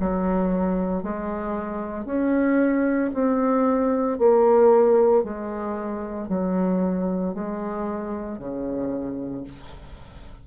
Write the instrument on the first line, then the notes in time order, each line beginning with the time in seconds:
bassoon
0.00 F#3
1.02 G#3
2.05 C#4
3.13 C4
4.18 A#3
5.23 G#3
6.28 F#3
7.33 G#3
8.38 C#3